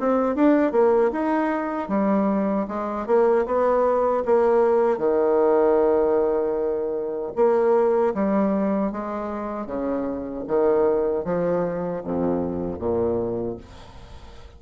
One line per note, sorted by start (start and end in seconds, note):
0.00 0.36 C4
0.36 0.72 D4
0.72 1.11 A#3
1.12 1.89 D#4
1.89 2.67 G3
2.68 3.07 G#3
3.07 3.46 A#3
3.46 4.24 B3
4.25 4.98 A#3
4.98 7.32 D#3
7.36 8.14 A#3
8.14 8.92 G3
8.92 9.66 G#3
9.66 10.44 C#3
10.48 11.25 D#3
11.25 12.02 F3
12.04 12.79 F2
12.79 13.57 A#2